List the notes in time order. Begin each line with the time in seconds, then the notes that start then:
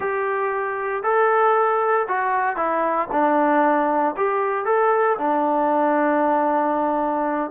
0.00 G4
1.03 A4
2.08 F#4
2.56 E4
3.11 D4
4.16 G4
4.65 A4
5.18 D4